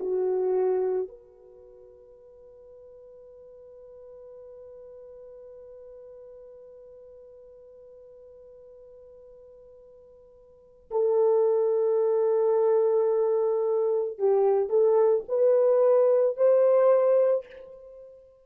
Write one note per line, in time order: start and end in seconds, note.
0.00 1.08 F#4
1.08 10.90 B4
10.91 14.18 A4
14.19 14.70 G4
14.70 15.24 A4
15.29 16.37 B4
16.37 17.46 C5